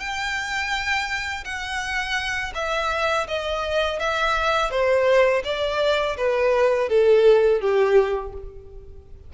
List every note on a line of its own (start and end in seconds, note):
0.00 1.45 G5
1.45 2.53 F#5
2.55 3.27 E5
3.28 4.00 D#5
4.00 4.71 E5
4.71 5.43 C5
5.44 6.17 D5
6.17 6.89 B4
6.89 7.61 A4
7.61 8.33 G4